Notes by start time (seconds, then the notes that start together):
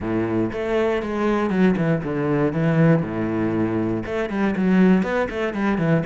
0.00 A2
0.52 A3
1.02 G#3
1.50 F#3
1.76 E3
2.03 D3
2.53 E3
3.02 A2
4.05 A3
4.29 G3
4.56 F#3
5.03 B3
5.29 A3
5.53 G3
5.78 E3